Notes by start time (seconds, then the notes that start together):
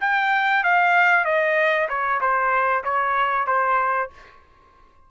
0.00 G5
0.63 F5
1.25 D#5
1.88 C#5
2.20 C5
2.84 C#5
3.47 C5